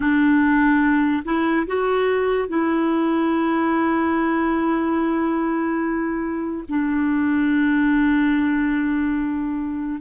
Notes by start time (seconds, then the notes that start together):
0.00 D4
1.24 E4
1.66 F#4
2.48 E4
6.68 D4